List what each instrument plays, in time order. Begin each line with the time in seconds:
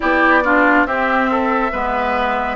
0.00 bassoon B3, clarinet E4, oboe G4, flute D5
0.43 clarinet D4, oboe F4
0.86 bassoon C4, clarinet C4, oboe G4, flute E5
1.30 oboe A4
1.72 bassoon G#3, clarinet B3, oboe B4